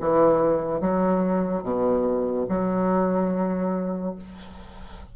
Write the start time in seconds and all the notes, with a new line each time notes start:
0.00 E3
0.81 F#3
1.63 B2
2.49 F#3